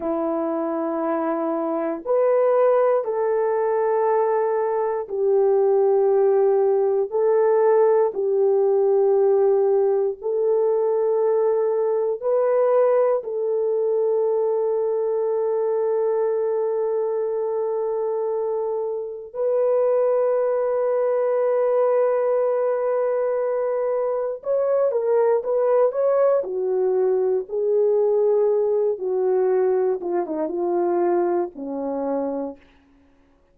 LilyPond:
\new Staff \with { instrumentName = "horn" } { \time 4/4 \tempo 4 = 59 e'2 b'4 a'4~ | a'4 g'2 a'4 | g'2 a'2 | b'4 a'2.~ |
a'2. b'4~ | b'1 | cis''8 ais'8 b'8 cis''8 fis'4 gis'4~ | gis'8 fis'4 f'16 dis'16 f'4 cis'4 | }